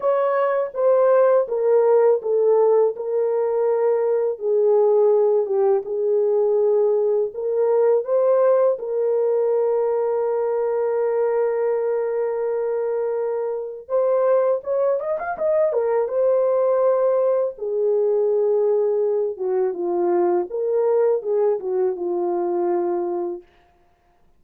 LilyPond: \new Staff \with { instrumentName = "horn" } { \time 4/4 \tempo 4 = 82 cis''4 c''4 ais'4 a'4 | ais'2 gis'4. g'8 | gis'2 ais'4 c''4 | ais'1~ |
ais'2. c''4 | cis''8 dis''16 f''16 dis''8 ais'8 c''2 | gis'2~ gis'8 fis'8 f'4 | ais'4 gis'8 fis'8 f'2 | }